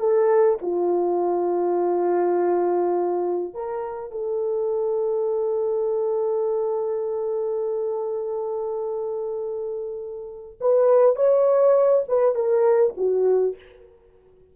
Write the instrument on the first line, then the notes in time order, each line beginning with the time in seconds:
horn
0.00 A4
0.62 F4
3.54 A#4
4.11 A4
10.61 B4
11.16 C#5
12.09 B4
12.35 A#4
12.98 F#4